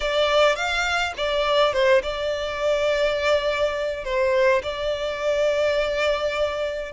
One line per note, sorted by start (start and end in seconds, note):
0.00 0.55 D5
0.55 1.13 F5
1.17 1.73 D5
1.73 2.02 C5
2.02 4.04 D5
4.04 4.62 C5
4.62 6.92 D5